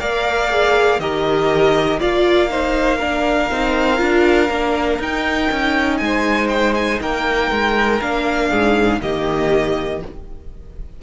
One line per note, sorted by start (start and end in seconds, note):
0.00 1.00 A#3
0.00 0.50 A#4
0.00 1.01 D5
0.00 1.00 F5
0.50 1.00 G#4
1.00 2.00 D#3
1.00 2.01 G4
1.00 2.00 A#4
1.00 2.00 D#5
2.00 3.51 A#3
2.00 2.50 F4
2.00 2.50 D5
2.00 5.02 F5
2.50 3.00 D#4
2.50 2.98 C5
2.98 3.50 D4
2.98 5.98 A#4
3.51 4.01 C4
3.51 3.98 D#4
3.98 4.50 D4
3.98 4.47 F4
4.50 4.99 A#3
4.50 5.01 D4
4.99 5.49 D#4
4.99 8.01 D#4
4.99 5.97 G5
5.52 6.01 C#4
5.97 7.01 G#3
5.97 6.47 G#5
6.05 7.01 C5
6.49 6.74 G5
6.75 7.00 G#5
7.01 7.51 A#3
7.01 8.50 A#4
7.01 8.01 G5
7.51 8.01 G#3
8.01 8.51 A#3
8.01 9.01 D4
8.01 9.01 F5
8.50 9.01 G#2
8.50 9.00 G#4
9.01 10.02 D#3
9.01 10.01 A#3
9.01 10.03 G4
9.01 10.02 D#5